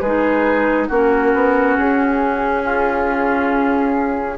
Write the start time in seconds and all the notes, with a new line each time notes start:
0.00 G#3 D#4 G#4 B4
0.88 A#3 C#4 F#4 A#4
1.34 B3
1.78 C#4 G#4
2.64 F4